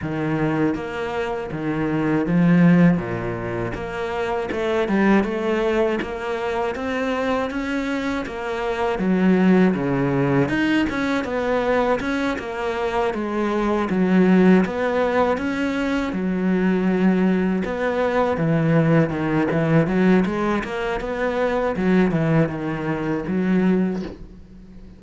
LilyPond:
\new Staff \with { instrumentName = "cello" } { \time 4/4 \tempo 4 = 80 dis4 ais4 dis4 f4 | ais,4 ais4 a8 g8 a4 | ais4 c'4 cis'4 ais4 | fis4 cis4 dis'8 cis'8 b4 |
cis'8 ais4 gis4 fis4 b8~ | b8 cis'4 fis2 b8~ | b8 e4 dis8 e8 fis8 gis8 ais8 | b4 fis8 e8 dis4 fis4 | }